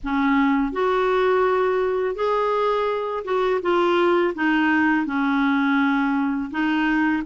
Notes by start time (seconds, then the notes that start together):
0.03 C#4
0.72 F#4
2.15 G#4
3.24 F#4
3.61 F4
4.34 D#4
5.05 C#4
6.50 D#4